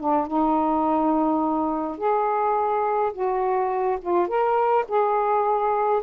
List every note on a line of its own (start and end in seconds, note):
0.00 0.27 D4
0.27 1.98 D#4
1.98 3.12 G#4
3.13 3.99 F#4
4.02 4.28 F4
4.28 4.85 A#4
4.89 6.03 G#4